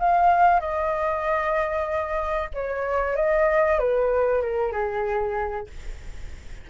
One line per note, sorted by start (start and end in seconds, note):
0.00 0.61 F5
0.61 2.50 D#5
2.54 3.16 C#5
3.16 3.79 D#5
3.80 4.42 B4
4.42 4.73 A#4
4.73 5.68 G#4